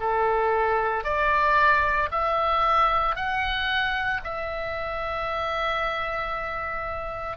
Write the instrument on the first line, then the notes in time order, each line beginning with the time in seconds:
oboe
0.00 A4
1.04 D5
2.11 E5
3.16 F#5
4.24 E5